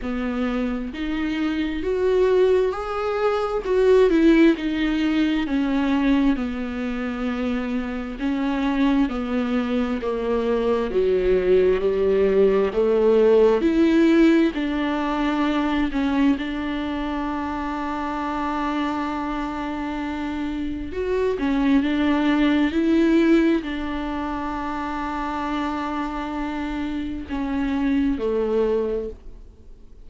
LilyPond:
\new Staff \with { instrumentName = "viola" } { \time 4/4 \tempo 4 = 66 b4 dis'4 fis'4 gis'4 | fis'8 e'8 dis'4 cis'4 b4~ | b4 cis'4 b4 ais4 | fis4 g4 a4 e'4 |
d'4. cis'8 d'2~ | d'2. fis'8 cis'8 | d'4 e'4 d'2~ | d'2 cis'4 a4 | }